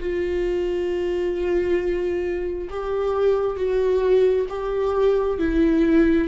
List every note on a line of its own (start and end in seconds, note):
0.00 2.69 F4
2.70 3.57 G4
3.57 4.46 F#4
4.49 5.39 G4
5.39 6.28 E4